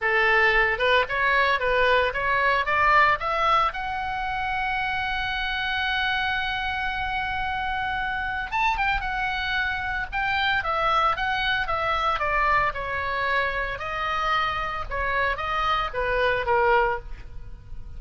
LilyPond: \new Staff \with { instrumentName = "oboe" } { \time 4/4 \tempo 4 = 113 a'4. b'8 cis''4 b'4 | cis''4 d''4 e''4 fis''4~ | fis''1~ | fis''1 |
a''8 g''8 fis''2 g''4 | e''4 fis''4 e''4 d''4 | cis''2 dis''2 | cis''4 dis''4 b'4 ais'4 | }